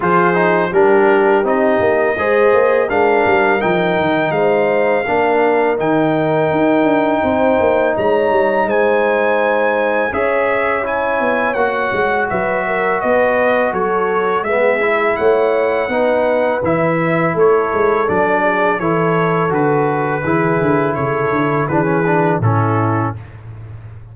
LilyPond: <<
  \new Staff \with { instrumentName = "trumpet" } { \time 4/4 \tempo 4 = 83 c''4 ais'4 dis''2 | f''4 g''4 f''2 | g''2. ais''4 | gis''2 e''4 gis''4 |
fis''4 e''4 dis''4 cis''4 | e''4 fis''2 e''4 | cis''4 d''4 cis''4 b'4~ | b'4 cis''4 b'4 a'4 | }
  \new Staff \with { instrumentName = "horn" } { \time 4/4 gis'4 g'2 c''4 | ais'2 c''4 ais'4~ | ais'2 c''4 cis''4 | c''2 cis''2~ |
cis''4 b'8 ais'8 b'4 a'4 | gis'4 cis''4 b'2 | a'4. gis'8 a'2 | gis'4 a'4 gis'4 e'4 | }
  \new Staff \with { instrumentName = "trombone" } { \time 4/4 f'8 dis'8 d'4 dis'4 gis'4 | d'4 dis'2 d'4 | dis'1~ | dis'2 gis'4 e'4 |
fis'1 | b8 e'4. dis'4 e'4~ | e'4 d'4 e'4 fis'4 | e'2 d'16 cis'16 d'8 cis'4 | }
  \new Staff \with { instrumentName = "tuba" } { \time 4/4 f4 g4 c'8 ais8 gis8 ais8 | gis8 g8 f8 dis8 gis4 ais4 | dis4 dis'8 d'8 c'8 ais8 gis8 g8 | gis2 cis'4. b8 |
ais8 gis8 fis4 b4 fis4 | gis4 a4 b4 e4 | a8 gis8 fis4 e4 d4 | e8 d8 cis8 d8 e4 a,4 | }
>>